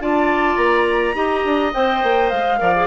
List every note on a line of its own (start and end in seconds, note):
0.00 0.57 D4
0.00 1.15 F4
0.00 1.16 D5
0.00 0.57 A5
0.57 1.15 A#3
0.57 1.72 A#5
1.15 1.44 D#4
1.15 1.72 G4
1.15 2.60 D#5
1.44 1.73 D4
1.74 2.03 C4
1.74 2.59 C5
1.74 2.30 G5
2.03 2.32 A#3
2.30 2.61 G#3
2.30 2.87 F5
2.59 2.87 F3
2.59 2.73 A#4
2.59 2.87 D5
2.76 2.87 G#4